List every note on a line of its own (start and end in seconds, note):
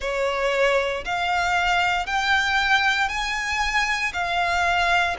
0.00 1.04 C#5
1.04 2.06 F5
2.06 3.08 G5
3.08 4.12 G#5
4.13 5.16 F5